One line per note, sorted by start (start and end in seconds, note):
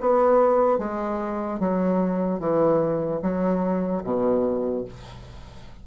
0.00 0.78 B3
0.78 1.59 G#3
1.59 2.39 F#3
2.39 3.20 E3
3.21 4.02 F#3
4.04 4.85 B2